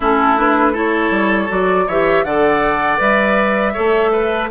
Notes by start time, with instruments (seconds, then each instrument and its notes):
0.00 bassoon A3, clarinet C#4, oboe E4, flute A4
0.36 clarinet D4, flute B4
0.72 clarinet E4, oboe A4, flute C#5
1.10 bassoon G3
1.48 bassoon F#3, clarinet F#4, flute D5
1.87 bassoon E3, clarinet G4, oboe C#5, flute E5
2.24 bassoon D3, clarinet A4, oboe D5, flute F#5
2.97 bassoon G3, clarinet B4, flute E5
3.73 bassoon A3, clarinet A4, oboe C#5
4.11 oboe B4